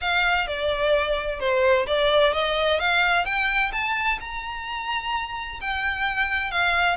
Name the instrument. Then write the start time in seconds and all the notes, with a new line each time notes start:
violin
0.01 F5
0.47 D5
1.39 C5
1.86 D5
2.33 D#5
2.79 F5
3.25 G5
3.72 A5
4.20 A#5
5.60 G5
6.51 F5